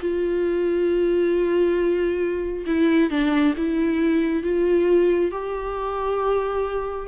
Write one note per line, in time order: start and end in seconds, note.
0.00 2.65 F4
2.66 3.10 E4
3.10 3.54 D4
3.57 4.43 E4
4.43 5.31 F4
5.31 7.07 G4